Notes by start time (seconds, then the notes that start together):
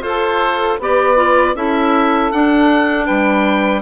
0.00 F4 A4 C5
0.79 B3 G4 B4 D5
1.16 F4
1.55 C#4 E4 A4 E5
2.32 D4 F#5
3.05 G3 B4 G5